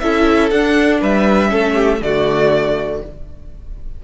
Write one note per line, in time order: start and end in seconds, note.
0.00 0.51 C#4
0.00 0.52 E4
0.00 1.01 A4
0.00 0.50 E5
0.51 1.01 D4
0.51 1.49 D4
0.51 1.01 F#5
1.01 1.52 G3
1.01 1.51 B4
1.01 2.03 E5
1.49 2.02 A3
1.49 1.99 C#4
1.49 1.75 A4
1.75 2.00 G4
2.02 3.02 D3
2.02 3.03 A3
2.02 3.04 F#4
2.02 3.03 D5